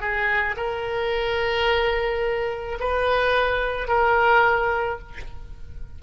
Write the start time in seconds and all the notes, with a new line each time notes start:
0.00 G#4
0.57 A#4
2.80 B4
3.88 A#4